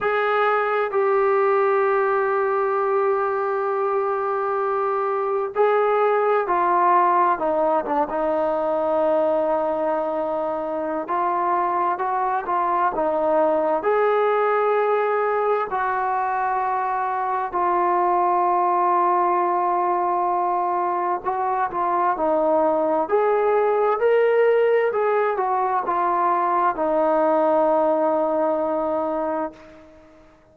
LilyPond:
\new Staff \with { instrumentName = "trombone" } { \time 4/4 \tempo 4 = 65 gis'4 g'2.~ | g'2 gis'4 f'4 | dis'8 d'16 dis'2.~ dis'16 | f'4 fis'8 f'8 dis'4 gis'4~ |
gis'4 fis'2 f'4~ | f'2. fis'8 f'8 | dis'4 gis'4 ais'4 gis'8 fis'8 | f'4 dis'2. | }